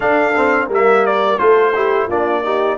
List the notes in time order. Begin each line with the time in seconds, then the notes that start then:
0.00 D4 A4 F5
0.35 C4
0.67 G3 A#3 A#4
0.73 E5
1.06 D5
1.38 A3 F4 A4 C5
1.74 E4 G4
2.07 A#3 D4 F4 D5
2.43 D#4 G4